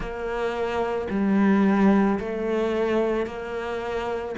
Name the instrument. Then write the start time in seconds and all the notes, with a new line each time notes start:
cello
0.00 A#3
1.10 G3
2.19 A3
3.26 A#3